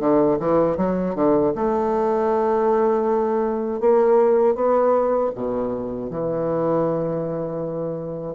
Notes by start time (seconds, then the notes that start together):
0.00 D3
0.40 E3
0.77 F#3
1.15 D3
1.55 A3
3.80 A#3
4.55 B3
5.35 B2
6.11 E3